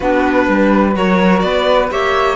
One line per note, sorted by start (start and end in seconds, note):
0.00 0.48 B3
0.00 0.93 D4
0.00 0.45 F#4
0.00 0.95 B4
0.48 0.95 G3
0.48 0.97 B4
0.93 1.43 F#3
0.93 1.88 F#4
0.93 1.44 A#4
0.93 1.39 C#5
1.39 1.91 B3
1.39 1.91 B4
1.39 1.87 D5
1.90 2.36 A#3
1.90 2.36 G4
1.90 2.36 C#5
1.90 2.36 E5